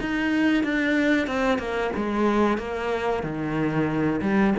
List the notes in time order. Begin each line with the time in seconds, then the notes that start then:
0.00 D#4
0.63 D4
1.27 C4
1.58 A#3
1.96 G#3
2.58 A#3
3.23 D#3
4.21 G3